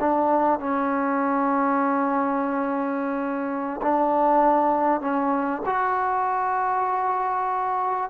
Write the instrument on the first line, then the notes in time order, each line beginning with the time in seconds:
trombone
0.00 D4
0.60 C#4
3.82 D4
5.01 C#4
5.65 F#4